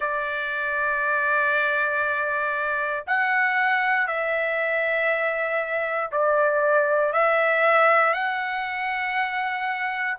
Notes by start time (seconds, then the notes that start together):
0.00 D5
3.06 F#5
4.07 E5
6.11 D5
7.12 E5
8.14 F#5